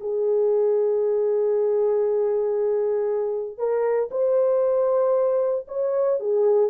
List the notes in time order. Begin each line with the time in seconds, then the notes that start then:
0.00 G#4
3.58 A#4
4.11 C5
5.68 C#5
6.20 G#4